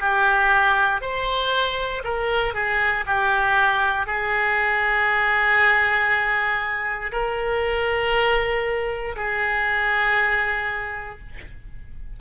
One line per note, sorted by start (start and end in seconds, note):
0.00 1.01 G4
1.01 2.03 C5
2.04 2.54 A#4
2.54 3.05 G#4
3.06 4.07 G4
4.07 7.12 G#4
7.12 9.15 A#4
9.16 11.19 G#4